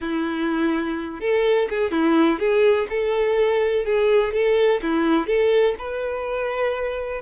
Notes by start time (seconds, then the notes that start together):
0.00 E4
1.20 A4
1.69 G#4
1.91 E4
2.39 G#4
2.89 A4
3.85 G#4
4.32 A4
4.82 E4
5.26 A4
5.78 B4